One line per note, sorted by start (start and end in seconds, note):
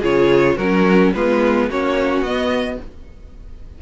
0.00 0.58 C#3
0.00 0.58 F4
0.00 0.56 G#4
0.00 0.57 C#5
0.56 1.13 F#3
0.56 1.15 C#4
0.56 1.12 F#4
0.56 1.13 A#4
1.14 1.70 G#3
1.14 1.70 B3
1.14 1.70 F4
1.14 1.70 B4
1.70 2.22 A#3
1.70 2.26 C#4
1.70 2.81 F#4
1.70 2.23 C#5
2.22 2.77 B3
2.22 2.82 B3
2.22 2.79 D#5